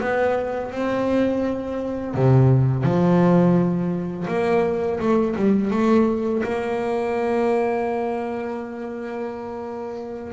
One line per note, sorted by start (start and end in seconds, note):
0.00 0.71 B3
0.71 2.14 C4
2.14 2.83 C3
2.83 4.26 F3
4.28 4.99 A#3
5.00 5.35 A3
5.36 5.71 G3
5.71 6.42 A3
6.43 10.33 A#3